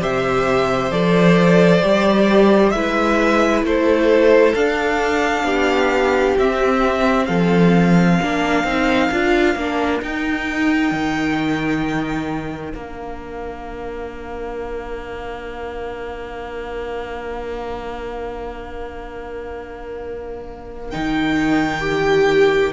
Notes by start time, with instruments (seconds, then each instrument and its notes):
0.00 cello C3, viola G4, violin C5 E5
0.91 cello F3, viola A4, violin D5
1.82 cello G3, viola G4
2.71 cello G#3, viola E4, violin B4 E5
3.63 cello A3, violin A4 C5
4.55 cello D4, viola D4, violin F5
5.44 cello B3, violin G4
6.39 cello C4, viola C4, violin E5
7.26 cello F3, violin A4 F5
8.19 cello A#3, viola D4, violin A#4
8.64 cello C4, viola D#4
9.11 cello D4, viola F4
9.56 cello A#3, viola D4
10.02 cello D#4, viola D#4, violin G5
10.92 cello D#3
12.73 cello A#3, viola D4, violin F5
20.91 cello D#3, viola D#4, violin G5
21.81 viola G4